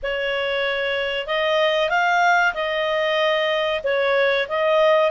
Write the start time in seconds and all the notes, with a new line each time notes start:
0.03 C#5
1.26 D#5
1.89 F5
2.54 D#5
3.83 C#5
4.48 D#5